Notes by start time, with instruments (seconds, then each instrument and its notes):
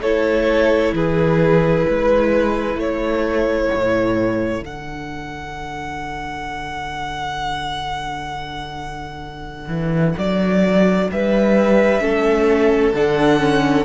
0.00 cello A3, viola E4, violin A4 C#5
0.93 cello E3, violin G#4 B4
1.86 cello G#3, violin B4
2.75 cello A3, violin A4 C#5
3.74 cello A2
4.60 cello D3, viola D4, violin F#5
9.67 cello E3
10.17 cello F#3, violin D5
11.11 cello G3, violin B4 E5
12.00 cello A3, viola C#4, violin A4
12.93 cello D3, viola D4, violin F#5
13.39 viola C#4